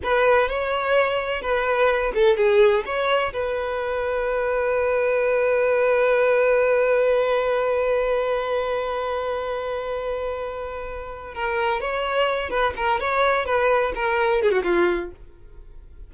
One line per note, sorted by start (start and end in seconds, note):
0.03 0.48 B4
0.48 1.41 C#5
1.41 2.12 B4
2.14 2.36 A4
2.36 2.83 G#4
2.85 3.33 C#5
3.33 11.34 B4
11.34 11.80 A#4
11.80 12.50 C#5
12.50 12.73 B4
12.76 12.99 A#4
12.99 13.45 C#5
13.45 13.92 B4
13.95 14.42 A#4
14.42 14.51 G#4
14.51 14.63 F#4
14.63 15.10 F4